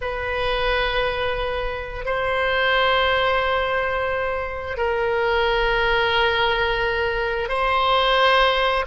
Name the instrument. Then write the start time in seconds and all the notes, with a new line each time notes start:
oboe
0.01 B4
2.05 C5
4.77 A#4
7.48 C5